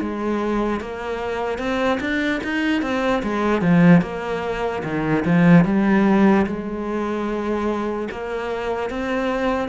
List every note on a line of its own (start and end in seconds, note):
0.00 0.80 G#3
0.80 1.58 A#3
1.58 1.99 C4
2.00 2.41 D4
2.44 2.82 D#4
2.82 3.22 C4
3.22 3.61 G#3
3.61 4.01 F3
4.01 4.82 A#3
4.83 5.24 D#3
5.25 5.65 F3
5.65 6.46 G3
6.46 8.08 G#3
8.11 8.90 A#3
8.90 9.68 C4